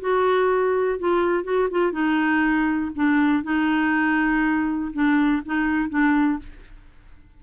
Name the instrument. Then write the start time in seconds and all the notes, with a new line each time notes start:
clarinet
0.00 F#4
0.99 F4
1.44 F#4
1.71 F4
1.92 D#4
2.95 D4
3.43 D#4
4.93 D4
5.45 D#4
5.89 D4